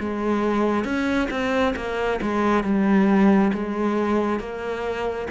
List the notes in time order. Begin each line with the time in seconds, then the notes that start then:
0.00 G#3
0.85 C#4
1.31 C4
1.76 A#3
2.22 G#3
2.64 G3
3.53 G#3
4.40 A#3